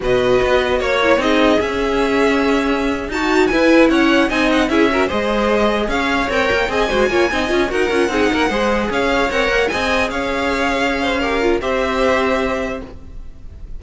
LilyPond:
<<
  \new Staff \with { instrumentName = "violin" } { \time 4/4 \tempo 4 = 150 dis''2 cis''4 dis''4 | e''2.~ e''8. a''16~ | a''8. gis''4 fis''4 gis''8 fis''8 e''16~ | e''8. dis''2 f''4 g''16~ |
g''8. gis''2~ gis''8 fis''8.~ | fis''2~ fis''16 f''4 fis''8.~ | fis''16 gis''4 f''2~ f''8.~ | f''4 e''2. | }
  \new Staff \with { instrumentName = "violin" } { \time 4/4 b'2 cis''4 gis'4~ | gis'2.~ gis'8. fis'16~ | fis'8. b'4 cis''4 dis''4 gis'16~ | gis'16 ais'8 c''2 cis''4~ cis''16~ |
cis''8. dis''8 c''8 cis''8 dis''4 ais'8.~ | ais'16 gis'8 ais'8 c''4 cis''4.~ cis''16~ | cis''16 dis''4 cis''2~ cis''16 c''8 | ais'4 c''2. | }
  \new Staff \with { instrumentName = "viola" } { \time 4/4 fis'2~ fis'8 e'8 dis'4 | cis'2.~ cis'8. fis'16~ | fis'8. e'2 dis'4 e'16~ | e'16 fis'8 gis'2. ais'16~ |
ais'8. gis'8 fis'8 f'8 dis'8 f'8 fis'8 f'16~ | f'16 dis'4 gis'2 ais'8.~ | ais'16 gis'2.~ gis'8. | g'8 f'8 g'2. | }
  \new Staff \with { instrumentName = "cello" } { \time 4/4 b,4 b4 ais4 c'4 | cis'2.~ cis'8. dis'16~ | dis'8. e'4 cis'4 c'4 cis'16~ | cis'8. gis2 cis'4 c'16~ |
c'16 ais8 c'8 gis8 ais8 c'8 cis'8 dis'8 cis'16~ | cis'16 c'8 ais8 gis4 cis'4 c'8 ais16~ | ais16 c'4 cis'2~ cis'8.~ | cis'4 c'2. | }
>>